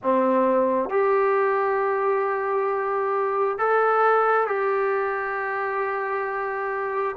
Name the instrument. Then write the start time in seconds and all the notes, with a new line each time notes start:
trombone
0.02 C4
0.89 G4
3.58 A4
4.47 G4